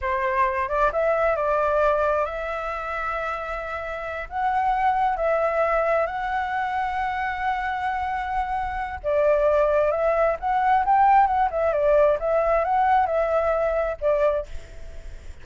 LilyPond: \new Staff \with { instrumentName = "flute" } { \time 4/4 \tempo 4 = 133 c''4. d''8 e''4 d''4~ | d''4 e''2.~ | e''4. fis''2 e''8~ | e''4. fis''2~ fis''8~ |
fis''1 | d''2 e''4 fis''4 | g''4 fis''8 e''8 d''4 e''4 | fis''4 e''2 d''4 | }